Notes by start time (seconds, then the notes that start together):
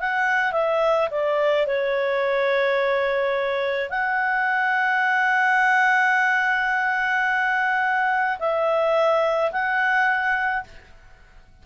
0.00 F#5
0.53 E5
1.11 D5
1.67 C#5
3.90 F#5
8.40 E5
9.52 F#5